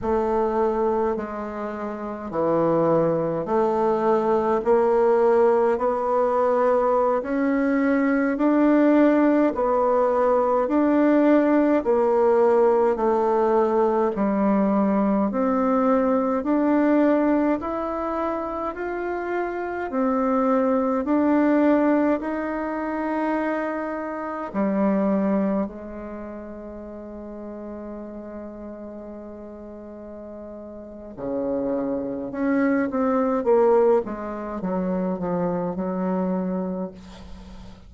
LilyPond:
\new Staff \with { instrumentName = "bassoon" } { \time 4/4 \tempo 4 = 52 a4 gis4 e4 a4 | ais4 b4~ b16 cis'4 d'8.~ | d'16 b4 d'4 ais4 a8.~ | a16 g4 c'4 d'4 e'8.~ |
e'16 f'4 c'4 d'4 dis'8.~ | dis'4~ dis'16 g4 gis4.~ gis16~ | gis2. cis4 | cis'8 c'8 ais8 gis8 fis8 f8 fis4 | }